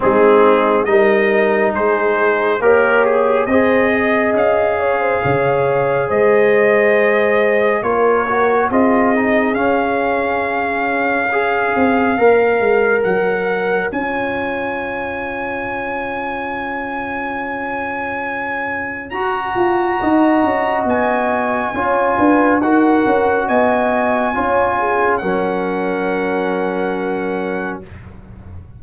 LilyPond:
<<
  \new Staff \with { instrumentName = "trumpet" } { \time 4/4 \tempo 4 = 69 gis'4 dis''4 c''4 ais'8 gis'8 | dis''4 f''2 dis''4~ | dis''4 cis''4 dis''4 f''4~ | f''2. fis''4 |
gis''1~ | gis''2 ais''2 | gis''2 fis''4 gis''4~ | gis''4 fis''2. | }
  \new Staff \with { instrumentName = "horn" } { \time 4/4 dis'4 ais'4 gis'4 cis''4 | c''8 dis''4 cis''16 c''16 cis''4 c''4~ | c''4 ais'4 gis'2~ | gis'4 cis''2.~ |
cis''1~ | cis''2. dis''4~ | dis''4 cis''8 b'8 ais'4 dis''4 | cis''8 gis'8 ais'2. | }
  \new Staff \with { instrumentName = "trombone" } { \time 4/4 c'4 dis'2 g'4 | gis'1~ | gis'4 f'8 fis'8 f'8 dis'8 cis'4~ | cis'4 gis'4 ais'2 |
f'1~ | f'2 fis'2~ | fis'4 f'4 fis'2 | f'4 cis'2. | }
  \new Staff \with { instrumentName = "tuba" } { \time 4/4 gis4 g4 gis4 ais4 | c'4 cis'4 cis4 gis4~ | gis4 ais4 c'4 cis'4~ | cis'4. c'8 ais8 gis8 fis4 |
cis'1~ | cis'2 fis'8 f'8 dis'8 cis'8 | b4 cis'8 d'8 dis'8 cis'8 b4 | cis'4 fis2. | }
>>